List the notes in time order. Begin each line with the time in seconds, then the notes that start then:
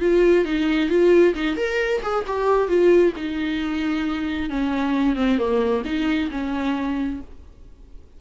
0.00 F4
0.45 D#4
0.89 F4
1.35 D#4
1.56 A#4
2.02 G#4
2.27 G4
2.68 F4
3.16 D#4
4.50 C#4
5.15 C4
5.38 A#3
5.85 D#4
6.31 C#4